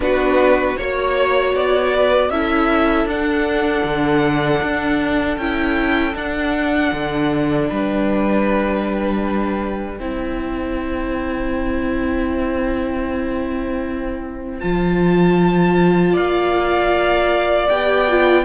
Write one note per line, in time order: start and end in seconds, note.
0.00 0.75 B3
0.00 0.76 D4
0.00 0.79 F#4
0.00 0.77 B4
0.77 1.54 A#3
0.77 2.32 F#4
0.77 1.54 C#5
0.77 1.95 C#5
1.54 2.29 B3
1.54 2.30 D5
1.95 2.31 B4
2.29 3.04 C#4
2.29 3.08 E4
2.29 7.69 A4
2.29 3.07 E5
3.04 3.81 D4
3.04 5.39 D4
3.04 5.37 F#5
3.83 4.60 D3
4.62 5.37 D4
5.37 6.14 C#4
5.37 6.13 E4
5.37 6.14 G5
6.13 9.98 D4
6.13 6.92 D4
6.13 7.70 F#5
6.92 7.69 D3
7.69 9.99 G3
7.69 10.00 B4
7.69 14.60 G5
9.99 14.61 C4
9.99 14.60 E4
9.99 16.12 C5
14.60 16.15 F3
14.60 17.67 F4
14.60 16.14 A5
16.12 17.68 A#3
16.12 18.43 D5
16.12 17.68 F5
17.68 18.44 B3
17.68 18.08 G4
17.68 18.44 G5
18.08 18.44 F4